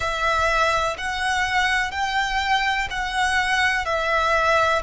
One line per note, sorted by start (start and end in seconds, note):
0.00 0.96 E5
0.97 1.91 F#5
1.91 2.88 G5
2.90 3.84 F#5
3.84 4.81 E5